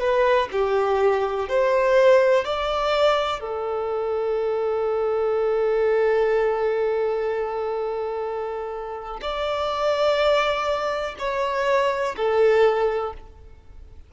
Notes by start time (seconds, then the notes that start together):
0.00 B4
0.52 G4
1.49 C5
2.45 D5
3.40 A4
9.22 D5
11.19 C#5
12.16 A4